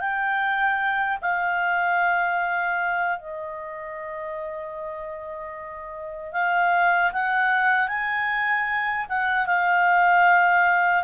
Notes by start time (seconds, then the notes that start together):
0.00 G5
1.22 F5
3.19 D#5
6.33 F5
7.13 F#5
7.88 G#5
9.09 F#5
9.46 F5